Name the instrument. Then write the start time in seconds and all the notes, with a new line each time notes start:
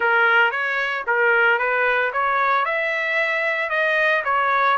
trumpet
0.00 A#4
0.51 C#5
1.06 A#4
1.58 B4
2.12 C#5
2.65 E5
3.69 D#5
4.24 C#5